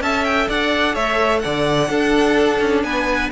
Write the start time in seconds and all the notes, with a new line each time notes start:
0.00 C#4 A4 E5 A5
0.24 G5
0.48 D4 D5 F#5
0.93 A3 C#5 E5
1.39 D3 D5 F#5
1.89 D4 A4
2.60 C#4
2.83 B3 B4 G#5